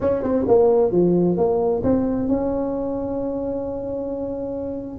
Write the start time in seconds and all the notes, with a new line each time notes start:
0.01 C#4
0.23 C4
0.47 A#3
0.91 F3
1.37 A#3
1.83 C4
2.28 C#4